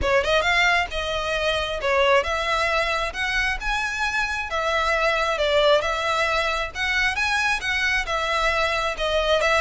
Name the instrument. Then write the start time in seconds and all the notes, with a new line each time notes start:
violin
0.01 C#5
0.24 D#5
0.41 F5
0.90 D#5
1.81 C#5
2.23 E5
3.13 F#5
3.60 G#5
4.50 E5
5.38 D5
5.81 E5
6.74 F#5
7.15 G#5
7.60 F#5
8.06 E5
8.97 D#5
9.41 E5